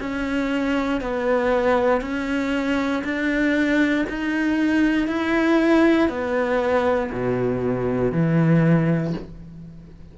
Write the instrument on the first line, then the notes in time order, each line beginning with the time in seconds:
cello
0.00 C#4
1.01 B3
2.02 C#4
3.04 D4
4.09 D#4
5.08 E4
6.09 B3
7.12 B2
8.12 E3